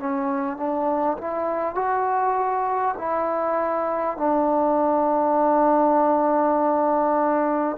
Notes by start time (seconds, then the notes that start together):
0.00 C#4
0.57 D4
1.18 E4
1.75 F#4
2.98 E4
4.18 D4